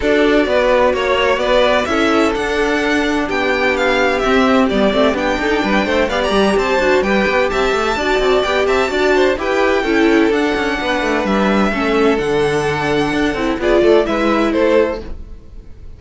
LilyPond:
<<
  \new Staff \with { instrumentName = "violin" } { \time 4/4 \tempo 4 = 128 d''2 cis''4 d''4 | e''4 fis''2 g''4 | f''4 e''4 d''4 g''4~ | g''4 f''16 ais''8. a''4 g''4 |
a''2 g''8 a''4. | g''2 fis''2 | e''2 fis''2~ | fis''4 d''4 e''4 c''4 | }
  \new Staff \with { instrumentName = "violin" } { \time 4/4 a'4 b'4 cis''4 b'4 | a'2. g'4~ | g'2.~ g'8 a'8 | b'8 c''8 d''4 c''4 b'4 |
e''4 d''4. e''8 d''8 c''8 | b'4 a'2 b'4~ | b'4 a'2.~ | a'4 gis'8 a'8 b'4 a'4 | }
  \new Staff \with { instrumentName = "viola" } { \time 4/4 fis'1 | e'4 d'2.~ | d'4 c'4 b8 c'8 d'4~ | d'4 g'4. fis'8 g'4~ |
g'4 fis'4 g'4 fis'4 | g'4 e'4 d'2~ | d'4 cis'4 d'2~ | d'8 e'8 f'4 e'2 | }
  \new Staff \with { instrumentName = "cello" } { \time 4/4 d'4 b4 ais4 b4 | cis'4 d'2 b4~ | b4 c'4 g8 a8 b8 dis'8 | g8 a8 b8 g8 c'8 d'8 g8 b8 |
c'8 a8 d'8 c'8 b8 c'8 d'4 | e'4 cis'4 d'8 cis'8 b8 a8 | g4 a4 d2 | d'8 c'8 b8 a8 gis4 a4 | }
>>